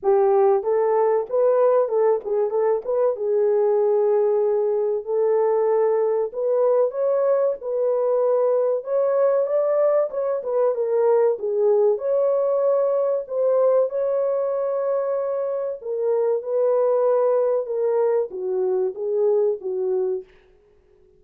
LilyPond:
\new Staff \with { instrumentName = "horn" } { \time 4/4 \tempo 4 = 95 g'4 a'4 b'4 a'8 gis'8 | a'8 b'8 gis'2. | a'2 b'4 cis''4 | b'2 cis''4 d''4 |
cis''8 b'8 ais'4 gis'4 cis''4~ | cis''4 c''4 cis''2~ | cis''4 ais'4 b'2 | ais'4 fis'4 gis'4 fis'4 | }